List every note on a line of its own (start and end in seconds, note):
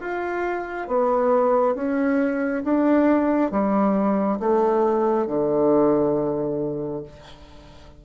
0.00 0.87 F4
0.87 1.74 B3
1.74 2.63 C#4
2.64 3.51 D4
3.51 4.39 G3
4.39 5.26 A3
5.26 7.03 D3